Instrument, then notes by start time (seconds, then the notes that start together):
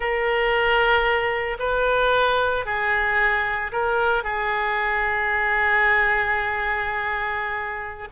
oboe
0.00 A#4
1.59 B4
2.65 G#4
3.71 A#4
4.23 G#4